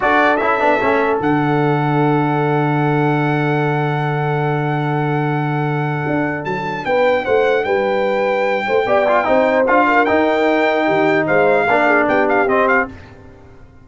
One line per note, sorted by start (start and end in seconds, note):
0.00 0.40 D4
0.00 0.37 F#4
0.00 6.86 A4
0.00 0.36 D5
0.36 0.60 C#4
0.36 0.60 E4
0.36 1.17 E5
0.60 0.81 B3
0.60 0.80 D4
0.81 1.20 A3
0.81 1.19 C#4
1.19 6.03 D3
1.19 8.84 D4
1.19 6.44 F#5
6.06 6.44 D4
6.44 6.84 F#3
6.44 6.85 A5
6.85 7.25 B3
6.85 7.24 B4
6.85 7.25 G5
7.24 7.64 A3
7.24 7.64 C5
7.24 7.63 F#5
7.63 8.65 G3
7.63 8.66 B4
7.63 9.65 G5
8.66 8.85 A3
8.66 8.86 C5
8.85 9.25 B3
8.85 9.07 G4
8.85 9.27 D5
9.08 9.24 F4
9.24 9.68 C4
9.24 9.64 D#4
9.24 9.87 C5
9.66 10.08 D4
9.66 10.07 F4
9.66 10.05 F5
9.87 10.86 A#4
10.05 11.68 D#4
10.05 10.87 D#4
10.05 11.25 G5
10.86 11.28 D#3
10.86 11.26 G4
11.26 11.67 G#3
11.26 11.66 C5
11.26 12.07 F5
11.67 12.07 A#3
11.67 12.47 D4
11.67 11.86 A#4
11.86 12.07 G#4
12.07 12.45 B3
12.07 12.88 G4
12.07 12.28 G5
12.28 12.48 F5
12.45 12.86 C4
12.45 12.87 C4
12.45 12.68 D#5
12.68 12.88 F5